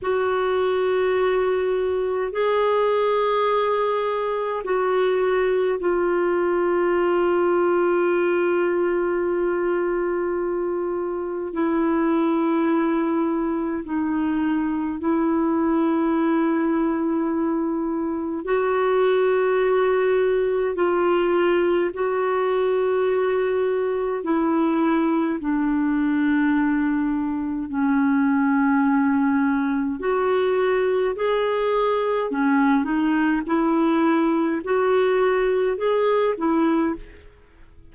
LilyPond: \new Staff \with { instrumentName = "clarinet" } { \time 4/4 \tempo 4 = 52 fis'2 gis'2 | fis'4 f'2.~ | f'2 e'2 | dis'4 e'2. |
fis'2 f'4 fis'4~ | fis'4 e'4 d'2 | cis'2 fis'4 gis'4 | cis'8 dis'8 e'4 fis'4 gis'8 e'8 | }